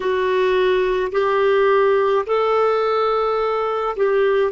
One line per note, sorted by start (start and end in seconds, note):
0.00 1.11 F#4
1.12 2.25 G4
2.26 3.96 A4
3.96 4.52 G4